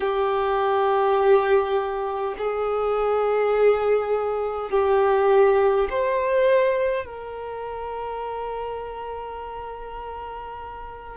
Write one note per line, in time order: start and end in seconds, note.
0.00 2.35 G4
2.38 4.70 G#4
4.70 5.88 G4
5.90 7.05 C5
7.05 11.16 A#4